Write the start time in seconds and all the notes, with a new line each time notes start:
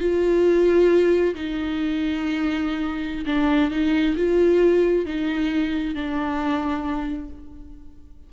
0.00 F4
1.35 D#4
3.26 D4
3.71 D#4
4.16 F4
5.05 D#4
5.95 D4